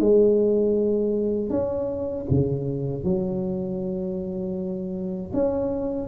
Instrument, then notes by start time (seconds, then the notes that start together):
tuba
0.00 G#3
1.50 C#4
2.30 C#3
3.04 F#3
5.34 C#4